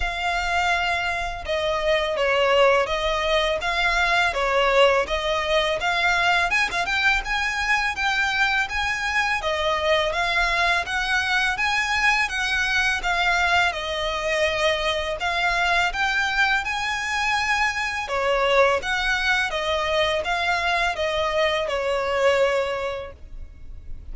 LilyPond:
\new Staff \with { instrumentName = "violin" } { \time 4/4 \tempo 4 = 83 f''2 dis''4 cis''4 | dis''4 f''4 cis''4 dis''4 | f''4 gis''16 f''16 g''8 gis''4 g''4 | gis''4 dis''4 f''4 fis''4 |
gis''4 fis''4 f''4 dis''4~ | dis''4 f''4 g''4 gis''4~ | gis''4 cis''4 fis''4 dis''4 | f''4 dis''4 cis''2 | }